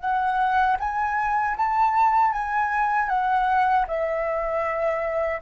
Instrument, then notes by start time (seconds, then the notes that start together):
flute
0.00 F#5
0.80 G#5
1.57 A5
2.33 G#5
3.09 F#5
3.87 E5